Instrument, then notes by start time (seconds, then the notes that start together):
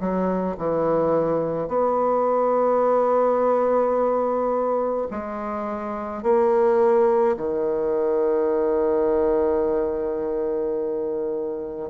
bassoon
0.00 F#3
0.58 E3
1.68 B3
5.11 G#3
6.23 A#3
7.37 D#3